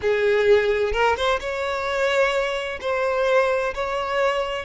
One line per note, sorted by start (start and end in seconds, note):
0.01 0.92 G#4
0.92 1.15 A#4
1.16 1.39 C5
1.40 2.79 C#5
2.81 3.74 C5
3.74 4.65 C#5